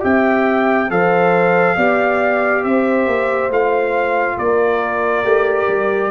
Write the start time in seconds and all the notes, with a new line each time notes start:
0.00 C4 G4 E5 G5
0.90 F3 A4 C5 F5
1.76 B3 G4 D5
2.64 C4 C5 E5
3.07 A#3
3.50 A3 F4 F5
4.37 A#3 A#4 D5
5.23 A3 G4
5.68 G3